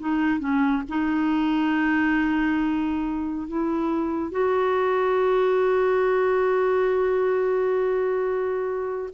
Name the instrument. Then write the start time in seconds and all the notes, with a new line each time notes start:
clarinet
0.00 D#4
0.40 C#4
0.89 D#4
3.48 E4
4.32 F#4